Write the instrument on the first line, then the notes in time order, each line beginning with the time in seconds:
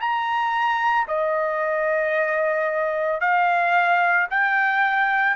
trumpet
0.00 A#5
1.08 D#5
3.21 F5
4.31 G5